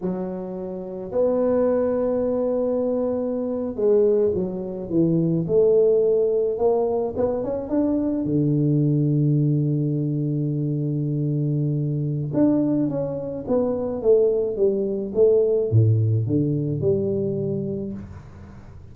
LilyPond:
\new Staff \with { instrumentName = "tuba" } { \time 4/4 \tempo 4 = 107 fis2 b2~ | b2~ b8. gis4 fis16~ | fis8. e4 a2 ais16~ | ais8. b8 cis'8 d'4 d4~ d16~ |
d1~ | d2 d'4 cis'4 | b4 a4 g4 a4 | a,4 d4 g2 | }